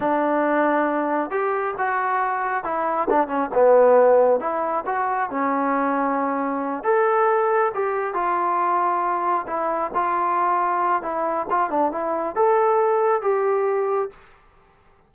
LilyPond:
\new Staff \with { instrumentName = "trombone" } { \time 4/4 \tempo 4 = 136 d'2. g'4 | fis'2 e'4 d'8 cis'8 | b2 e'4 fis'4 | cis'2.~ cis'8 a'8~ |
a'4. g'4 f'4.~ | f'4. e'4 f'4.~ | f'4 e'4 f'8 d'8 e'4 | a'2 g'2 | }